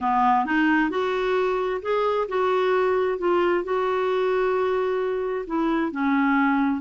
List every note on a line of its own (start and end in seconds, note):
0.00 0.45 B3
0.45 0.90 D#4
0.90 1.81 F#4
1.82 2.27 G#4
2.28 3.18 F#4
3.18 3.63 F4
3.63 5.45 F#4
5.46 5.91 E4
5.91 6.81 C#4